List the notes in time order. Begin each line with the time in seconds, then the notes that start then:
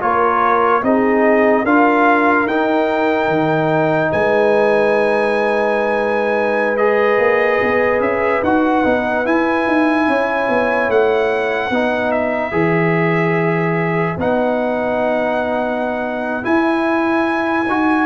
0.00 A#3 F4 A#4 C#5
0.83 C4 D#4 G#4 D#5
1.64 D4 F4 A#4 F5
2.46 D#4 G5
3.28 D#3
4.11 G#3 B4 G#5
6.77 G#4 D#5
7.18 A#3
7.62 B3
8.00 C#4 E5
8.43 D#4 F#4 F#5
8.84 B3 D#4
9.24 E4 G#5
9.67 D#4
10.07 C#4 C#5
10.48 B3
10.89 A3 F#5
11.70 B3 D#4 B4
12.11 E5
12.51 E3 G#4
14.17 B3 D#4 F#5
16.42 E4 G#5
17.67 D#4 F#4